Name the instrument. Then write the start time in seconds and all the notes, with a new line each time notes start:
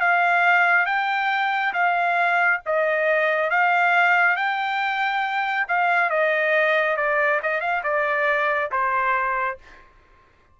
trumpet
0.00 F5
0.86 G5
1.73 F5
2.65 D#5
3.50 F5
4.36 G5
5.68 F5
6.10 D#5
6.96 D5
7.42 D#5
7.60 F5
7.83 D5
8.71 C5